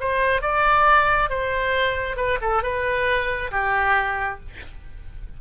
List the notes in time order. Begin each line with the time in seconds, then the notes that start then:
0.00 C5
0.42 D5
1.30 C5
2.17 B4
2.41 A4
2.63 B4
3.51 G4